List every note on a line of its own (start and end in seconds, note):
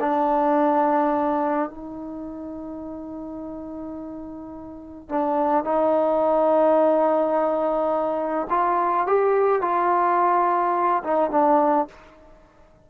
0.00 1.69 D4
1.69 5.09 D#4
5.09 5.64 D4
5.64 8.47 D#4
8.50 9.06 F4
9.06 9.61 G4
9.61 11.03 F4
11.04 11.30 D#4
11.30 11.87 D4